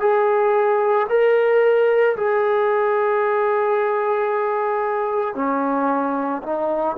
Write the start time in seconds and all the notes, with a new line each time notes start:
0.00 G#4
1.09 A#4
2.17 G#4
5.35 C#4
6.43 D#4